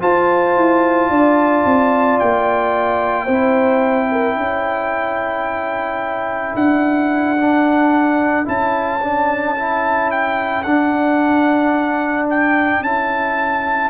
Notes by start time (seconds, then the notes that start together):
0.00 F4 C5 A5
0.56 E4
1.10 D4 D5
1.65 C4
2.19 A#3 G5
3.25 C4 E4 C5
4.11 A#4
4.35 C#4 A4
6.55 D4 F#5
7.37 D4
8.45 C#4 E4 A5
9.00 D4
9.55 E4
10.11 G5
10.63 D4 F#5
12.30 G5
12.81 C#4 E4 A5